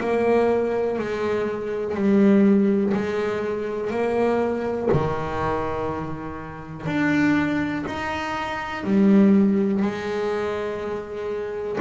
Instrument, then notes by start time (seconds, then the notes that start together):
double bass
0.00 A#3
0.98 G#3
1.94 G3
2.93 G#3
3.90 A#3
4.92 D#3
6.86 D4
7.86 D#4
8.83 G3
9.82 G#3